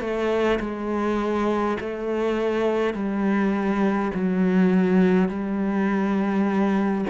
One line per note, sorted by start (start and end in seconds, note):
0.00 0.59 A3
0.59 1.77 G#3
1.80 2.94 A3
2.94 4.11 G3
4.14 5.28 F#3
5.28 7.05 G3